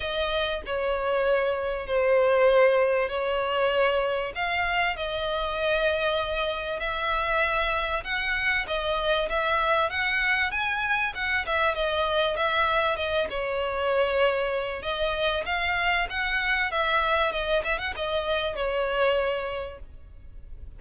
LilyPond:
\new Staff \with { instrumentName = "violin" } { \time 4/4 \tempo 4 = 97 dis''4 cis''2 c''4~ | c''4 cis''2 f''4 | dis''2. e''4~ | e''4 fis''4 dis''4 e''4 |
fis''4 gis''4 fis''8 e''8 dis''4 | e''4 dis''8 cis''2~ cis''8 | dis''4 f''4 fis''4 e''4 | dis''8 e''16 fis''16 dis''4 cis''2 | }